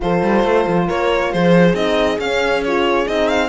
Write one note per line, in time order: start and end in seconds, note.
0.00 0.22 F3
0.00 1.73 F4
0.00 0.87 A4
0.00 0.88 C5
0.22 0.43 G3
0.43 0.65 A3
0.67 0.88 F3
0.87 1.33 A#3
0.87 1.31 A#4
0.87 1.32 C#5
1.31 1.73 F3
1.31 3.49 G#4
1.31 1.75 C5
1.73 2.17 C4
1.73 2.19 D#4
1.73 2.19 D#5
2.18 3.06 C#4
2.18 2.63 C#4
2.18 2.63 F5
2.63 3.07 F4
2.63 3.07 C#5
3.07 3.49 C4
3.07 3.49 D#4
3.07 3.28 D#5
3.28 3.49 F5